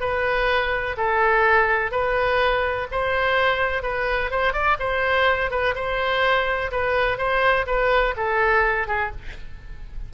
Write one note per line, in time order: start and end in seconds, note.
0.00 0.96 B4
0.97 1.91 A4
1.91 2.87 B4
2.91 3.83 C5
3.83 4.31 B4
4.31 4.53 C5
4.53 4.77 D5
4.79 5.51 C5
5.51 5.75 B4
5.75 6.71 C5
6.71 7.18 B4
7.18 7.66 C5
7.66 8.14 B4
8.17 8.87 A4
8.87 9.11 G#4